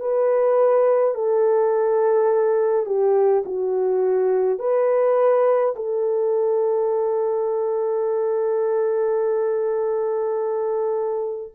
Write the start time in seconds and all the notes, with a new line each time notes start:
0.00 B4
1.15 A4
2.86 G4
3.46 F#4
4.59 B4
5.76 A4